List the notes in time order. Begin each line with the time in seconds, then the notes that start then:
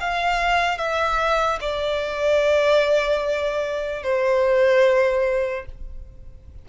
0.00 F5
0.77 E5
1.60 D5
4.03 C5